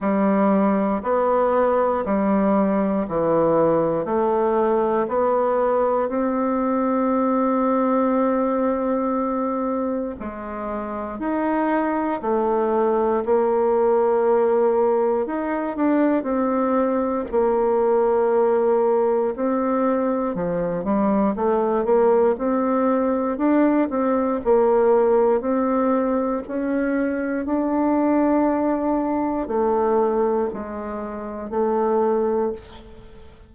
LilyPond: \new Staff \with { instrumentName = "bassoon" } { \time 4/4 \tempo 4 = 59 g4 b4 g4 e4 | a4 b4 c'2~ | c'2 gis4 dis'4 | a4 ais2 dis'8 d'8 |
c'4 ais2 c'4 | f8 g8 a8 ais8 c'4 d'8 c'8 | ais4 c'4 cis'4 d'4~ | d'4 a4 gis4 a4 | }